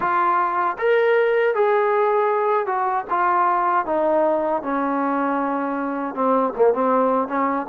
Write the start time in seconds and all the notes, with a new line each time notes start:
0.00 F4
0.78 A#4
1.55 G#4
2.66 F#4
3.10 F4
3.85 D#4
4.62 C#4
6.14 C4
6.56 A#3
6.73 C4
7.27 C#4